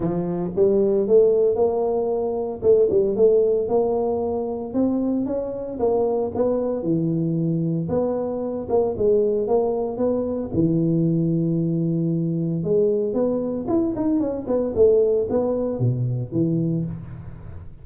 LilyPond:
\new Staff \with { instrumentName = "tuba" } { \time 4/4 \tempo 4 = 114 f4 g4 a4 ais4~ | ais4 a8 g8 a4 ais4~ | ais4 c'4 cis'4 ais4 | b4 e2 b4~ |
b8 ais8 gis4 ais4 b4 | e1 | gis4 b4 e'8 dis'8 cis'8 b8 | a4 b4 b,4 e4 | }